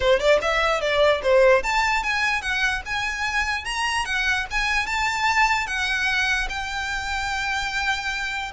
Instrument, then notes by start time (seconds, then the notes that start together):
violin
0.00 C5
0.19 D5
0.41 E5
0.80 D5
1.22 C5
1.63 A5
2.03 G#5
2.41 F#5
2.85 G#5
3.64 A#5
4.05 F#5
4.50 G#5
4.86 A5
5.66 F#5
6.49 G5